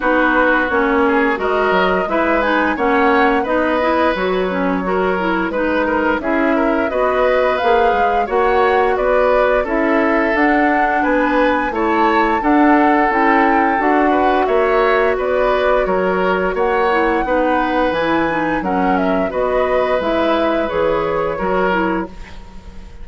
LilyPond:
<<
  \new Staff \with { instrumentName = "flute" } { \time 4/4 \tempo 4 = 87 b'4 cis''4 dis''4 e''8 gis''8 | fis''4 dis''4 cis''2 | b'4 e''4 dis''4 f''4 | fis''4 d''4 e''4 fis''4 |
gis''4 a''4 fis''4 g''4 | fis''4 e''4 d''4 cis''4 | fis''2 gis''4 fis''8 e''8 | dis''4 e''4 cis''2 | }
  \new Staff \with { instrumentName = "oboe" } { \time 4/4 fis'4. gis'8 ais'4 b'4 | cis''4 b'2 ais'4 | b'8 ais'8 gis'8 ais'8 b'2 | cis''4 b'4 a'2 |
b'4 cis''4 a'2~ | a'8 b'8 cis''4 b'4 ais'4 | cis''4 b'2 ais'4 | b'2. ais'4 | }
  \new Staff \with { instrumentName = "clarinet" } { \time 4/4 dis'4 cis'4 fis'4 e'8 dis'8 | cis'4 dis'8 e'8 fis'8 cis'8 fis'8 e'8 | dis'4 e'4 fis'4 gis'4 | fis'2 e'4 d'4~ |
d'4 e'4 d'4 e'4 | fis'1~ | fis'8 e'8 dis'4 e'8 dis'8 cis'4 | fis'4 e'4 gis'4 fis'8 e'8 | }
  \new Staff \with { instrumentName = "bassoon" } { \time 4/4 b4 ais4 gis8 fis8 gis4 | ais4 b4 fis2 | gis4 cis'4 b4 ais8 gis8 | ais4 b4 cis'4 d'4 |
b4 a4 d'4 cis'4 | d'4 ais4 b4 fis4 | ais4 b4 e4 fis4 | b4 gis4 e4 fis4 | }
>>